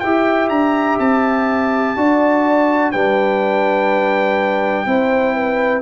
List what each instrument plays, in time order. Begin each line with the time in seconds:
0.00 tuba E4, trombone G4, horn E5, trumpet G5
0.49 tuba D4, trumpet A#5
0.99 tuba C4, trumpet A5
1.97 tuba D4, trombone F#4, horn D5
2.92 tuba G3, trombone D4, horn B4, trumpet G5
4.86 tuba C4, trombone E4, horn C5
5.35 horn B4